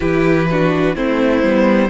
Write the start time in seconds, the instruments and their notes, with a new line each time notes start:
0.00 cello E3, viola E4, violin G4 B4
0.50 viola D4, violin F#4
0.95 cello A3, viola C4, violin E4 C5
1.42 cello G3, viola B3